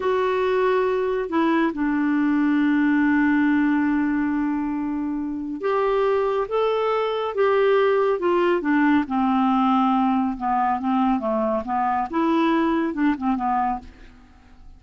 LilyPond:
\new Staff \with { instrumentName = "clarinet" } { \time 4/4 \tempo 4 = 139 fis'2. e'4 | d'1~ | d'1~ | d'4 g'2 a'4~ |
a'4 g'2 f'4 | d'4 c'2. | b4 c'4 a4 b4 | e'2 d'8 c'8 b4 | }